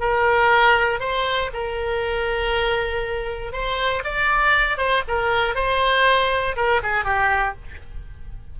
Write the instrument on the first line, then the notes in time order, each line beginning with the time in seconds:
oboe
0.00 A#4
1.00 C5
1.53 A#4
3.52 C5
4.04 D5
4.77 C5
5.08 A#4
5.55 C5
6.56 A#4
6.83 G#4
7.05 G4